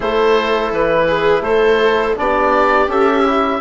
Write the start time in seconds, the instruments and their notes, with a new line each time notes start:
0.00 bassoon A3, trombone E4, viola A4, oboe C5
0.71 bassoon E3, oboe B4
1.07 viola G#4
1.40 bassoon A3, oboe C5
1.47 viola A4
2.16 bassoon B3, trombone D4, viola G4, oboe D5
2.87 bassoon C#4, trombone A4, oboe E5
3.24 trombone E4